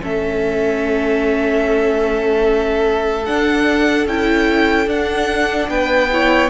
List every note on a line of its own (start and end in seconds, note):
0.00 3.28 A3
0.00 3.24 C#4
0.00 5.69 A4
0.00 3.26 E5
3.26 4.07 D4
3.26 4.06 D4
3.26 4.07 F#5
4.06 4.86 C#4
4.06 4.87 E4
4.06 4.88 G5
4.86 5.67 D4
4.86 6.09 D4
4.86 5.69 F#5
5.68 6.49 B3
5.68 6.10 B4
5.68 6.50 G5
6.11 6.50 E4
6.11 6.50 C#5